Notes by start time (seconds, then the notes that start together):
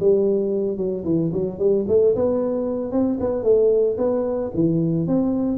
0.00 G3
0.77 F#3
1.04 E3
1.33 F#3
1.59 G3
1.88 A3
2.15 B3
2.92 C4
3.20 B3
3.43 A3
3.98 B3
4.55 E3
5.07 C4